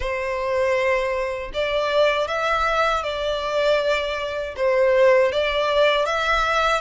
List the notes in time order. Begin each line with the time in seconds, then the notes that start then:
0.00 C5
1.53 D5
2.28 E5
3.03 D5
4.56 C5
5.32 D5
6.06 E5